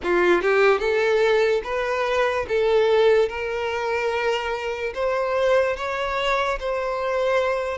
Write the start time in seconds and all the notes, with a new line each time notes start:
0.03 F4
0.41 G4
0.79 A4
1.63 B4
2.48 A4
3.29 A#4
4.94 C5
5.76 C#5
6.59 C5